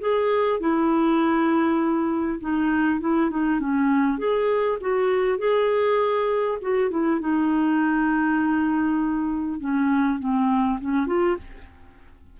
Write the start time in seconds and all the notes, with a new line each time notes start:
0.00 G#4
0.59 E4
2.40 D#4
3.00 E4
3.30 D#4
3.59 C#4
4.18 G#4
4.81 F#4
5.38 G#4
6.61 F#4
6.90 E4
7.20 D#4
9.59 C#4
10.19 C4
10.81 C#4
11.06 F4